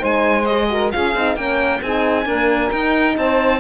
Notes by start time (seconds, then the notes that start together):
0.00 G#3 D#4 C5 G#5
0.46 G#4 D#5
0.69 F#4 A#4
0.92 C#4 F4 G#4 F5
1.15 C4 D#4
1.36 A#3 C#4 A#4 G5
1.82 C4 D#4 G#4 G#5
2.25 A#3 D4 A#4
2.71 D#4 G5
3.17 C4 C5 A5